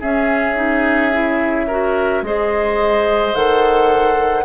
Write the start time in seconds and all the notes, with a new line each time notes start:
0.00 C#4 G#4 E5
0.56 D#4
1.13 E4
1.67 F#4 A#4
2.22 G#3 G#4 C5 D#5
3.34 D#3 A4 F#5